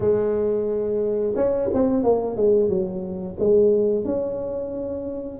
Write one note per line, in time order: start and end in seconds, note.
0.00 1.34 G#3
1.35 1.69 C#4
1.73 2.03 C4
2.03 2.36 A#3
2.36 2.69 G#3
2.69 3.36 F#3
3.39 4.04 G#3
4.04 5.39 C#4